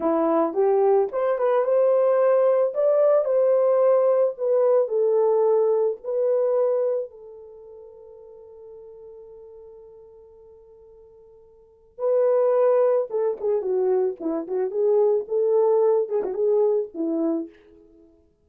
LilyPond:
\new Staff \with { instrumentName = "horn" } { \time 4/4 \tempo 4 = 110 e'4 g'4 c''8 b'8 c''4~ | c''4 d''4 c''2 | b'4 a'2 b'4~ | b'4 a'2.~ |
a'1~ | a'2 b'2 | a'8 gis'8 fis'4 e'8 fis'8 gis'4 | a'4. gis'16 fis'16 gis'4 e'4 | }